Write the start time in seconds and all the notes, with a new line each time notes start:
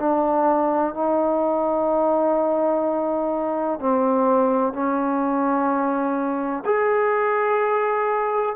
0.00 D4
0.94 D#4
3.80 C4
4.74 C#4
6.65 G#4